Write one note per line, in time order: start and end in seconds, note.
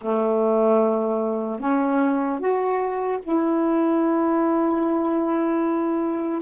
0.01 1.59 A3
1.59 2.39 C#4
2.39 3.19 F#4
3.22 6.41 E4